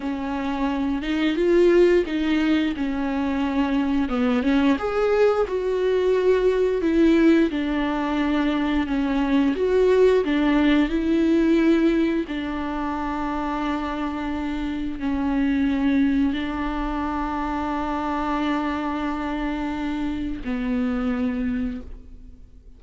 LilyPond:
\new Staff \with { instrumentName = "viola" } { \time 4/4 \tempo 4 = 88 cis'4. dis'8 f'4 dis'4 | cis'2 b8 cis'8 gis'4 | fis'2 e'4 d'4~ | d'4 cis'4 fis'4 d'4 |
e'2 d'2~ | d'2 cis'2 | d'1~ | d'2 b2 | }